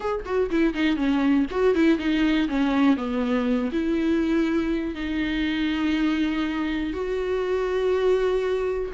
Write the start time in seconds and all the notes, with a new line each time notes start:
0.00 G#4
0.25 F#4
0.50 E4
0.73 D#4
0.96 C#4
1.50 F#4
1.74 E4
1.98 D#4
2.48 C#4
2.96 B3
3.72 E4
4.94 D#4
6.93 F#4